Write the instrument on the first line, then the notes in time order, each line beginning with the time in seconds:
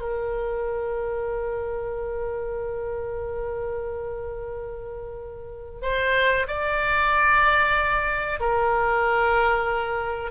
oboe
0.00 A#4
5.82 C5
6.48 D5
8.40 A#4